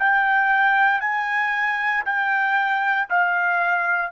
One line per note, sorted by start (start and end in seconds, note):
0.00 1.01 G5
1.01 2.05 G#5
2.05 3.09 G5
3.10 4.12 F5